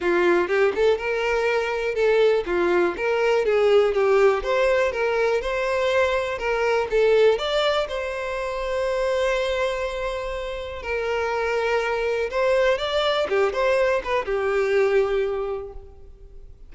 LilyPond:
\new Staff \with { instrumentName = "violin" } { \time 4/4 \tempo 4 = 122 f'4 g'8 a'8 ais'2 | a'4 f'4 ais'4 gis'4 | g'4 c''4 ais'4 c''4~ | c''4 ais'4 a'4 d''4 |
c''1~ | c''2 ais'2~ | ais'4 c''4 d''4 g'8 c''8~ | c''8 b'8 g'2. | }